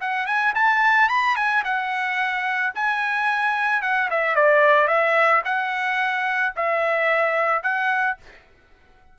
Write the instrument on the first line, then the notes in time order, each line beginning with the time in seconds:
trumpet
0.00 F#5
0.26 G#5
0.55 A5
1.09 B5
1.36 G#5
1.64 F#5
2.75 G#5
3.82 F#5
4.10 E5
4.35 D5
4.87 E5
5.45 F#5
6.56 E5
7.63 F#5